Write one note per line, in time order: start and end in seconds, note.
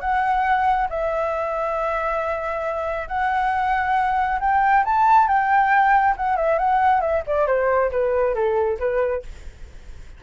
0.00 0.88 F#5
0.89 3.08 E5
3.08 4.39 F#5
4.40 4.84 G5
4.84 5.27 A5
5.27 6.15 G5
6.16 6.36 F#5
6.36 6.58 E5
6.58 7.01 F#5
7.01 7.22 E5
7.27 7.47 D5
7.47 7.90 C5
7.91 8.34 B4
8.34 8.78 A4
8.79 9.23 B4